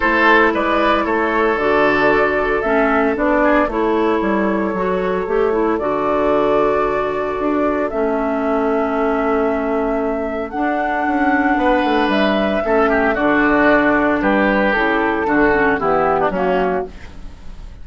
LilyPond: <<
  \new Staff \with { instrumentName = "flute" } { \time 4/4 \tempo 4 = 114 c''4 d''4 cis''4 d''4~ | d''4 e''4 d''4 cis''4~ | cis''2. d''4~ | d''2. e''4~ |
e''1 | fis''2. e''4~ | e''4 d''2 b'4 | a'2 g'4 fis'4 | }
  \new Staff \with { instrumentName = "oboe" } { \time 4/4 a'4 b'4 a'2~ | a'2~ a'8 gis'8 a'4~ | a'1~ | a'1~ |
a'1~ | a'2 b'2 | a'8 g'8 fis'2 g'4~ | g'4 fis'4 e'8. d'16 cis'4 | }
  \new Staff \with { instrumentName = "clarinet" } { \time 4/4 e'2. fis'4~ | fis'4 cis'4 d'4 e'4~ | e'4 fis'4 g'8 e'8 fis'4~ | fis'2. cis'4~ |
cis'1 | d'1 | cis'4 d'2. | e'4 d'8 cis'8 b4 ais4 | }
  \new Staff \with { instrumentName = "bassoon" } { \time 4/4 a4 gis4 a4 d4~ | d4 a4 b4 a4 | g4 fis4 a4 d4~ | d2 d'4 a4~ |
a1 | d'4 cis'4 b8 a8 g4 | a4 d2 g4 | cis4 d4 e4 fis4 | }
>>